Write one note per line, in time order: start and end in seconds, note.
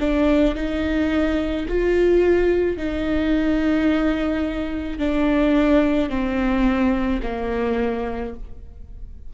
0.00 0.56 D4
0.56 1.67 D#4
1.69 2.78 F4
2.78 4.99 D#4
4.99 6.10 D4
6.10 7.21 C4
7.23 8.34 A#3